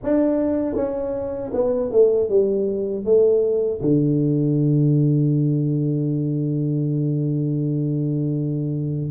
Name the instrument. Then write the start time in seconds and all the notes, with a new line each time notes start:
tuba
0.03 D4
0.75 C#4
1.53 B3
1.91 A3
2.29 G3
3.04 A3
3.81 D3